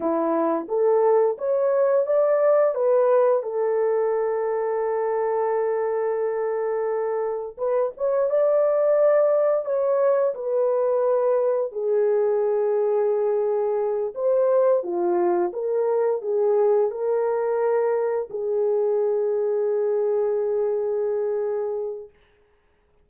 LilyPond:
\new Staff \with { instrumentName = "horn" } { \time 4/4 \tempo 4 = 87 e'4 a'4 cis''4 d''4 | b'4 a'2.~ | a'2. b'8 cis''8 | d''2 cis''4 b'4~ |
b'4 gis'2.~ | gis'8 c''4 f'4 ais'4 gis'8~ | gis'8 ais'2 gis'4.~ | gis'1 | }